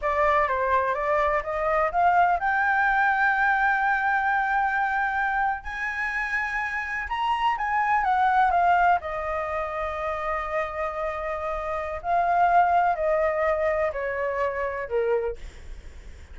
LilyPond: \new Staff \with { instrumentName = "flute" } { \time 4/4 \tempo 4 = 125 d''4 c''4 d''4 dis''4 | f''4 g''2.~ | g''2.~ g''8. gis''16~ | gis''2~ gis''8. ais''4 gis''16~ |
gis''8. fis''4 f''4 dis''4~ dis''16~ | dis''1~ | dis''4 f''2 dis''4~ | dis''4 cis''2 ais'4 | }